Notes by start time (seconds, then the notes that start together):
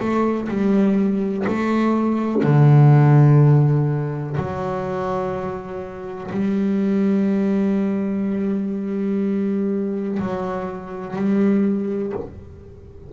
0.00 A3
0.49 G3
1.47 A3
2.44 D3
4.38 F#3
6.31 G3
10.19 F#3
11.16 G3